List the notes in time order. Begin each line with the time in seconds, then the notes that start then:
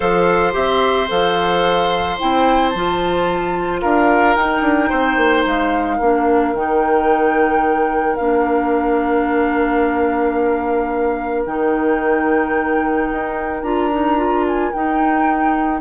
0.00 F3 A4 C5 F5
0.52 C4 G4 E5
1.08 F3 A4 F5
2.19 C4 E4 G5
2.69 F3 F4 A5
3.80 D4 A#4 F5
4.35 D#4 G5
4.61 D4
4.89 C4 C5
5.17 A#3
5.45 G#3 F5
5.96 A#3 D4 A#4
6.53 D#3 D#4 G5
8.15 A#3 D4 F5
11.45 D#3 D#4 G5
13.11 D#4
13.62 D4 F4 A#5
13.91 D#4
14.16 F4
14.47 G#5
14.72 D#4 G5